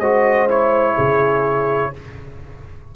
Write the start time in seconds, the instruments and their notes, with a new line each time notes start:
0.00 tuba G#3, trombone F#4, horn C5, trumpet D#5
0.49 trombone E4, trumpet C#5
0.96 tuba C#3, horn G#4